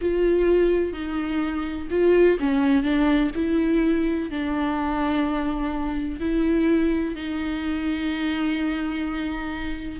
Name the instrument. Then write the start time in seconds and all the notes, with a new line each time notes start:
viola
0.01 F4
0.92 D#4
1.90 F4
2.39 C#4
2.83 D4
3.35 E4
4.30 D4
6.19 E4
7.15 D#4